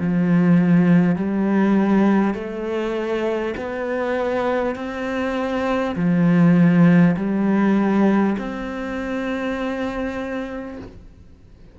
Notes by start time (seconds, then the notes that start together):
0.00 F3
1.16 G3
2.35 A3
3.58 B3
4.76 C4
5.96 F3
7.17 G3
8.38 C4